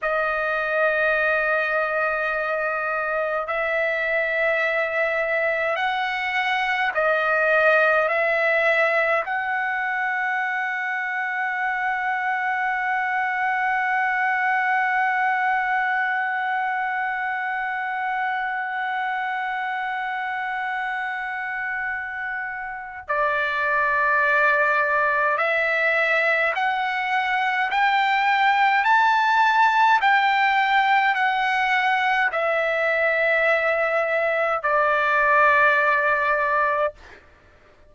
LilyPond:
\new Staff \with { instrumentName = "trumpet" } { \time 4/4 \tempo 4 = 52 dis''2. e''4~ | e''4 fis''4 dis''4 e''4 | fis''1~ | fis''1~ |
fis''1 | d''2 e''4 fis''4 | g''4 a''4 g''4 fis''4 | e''2 d''2 | }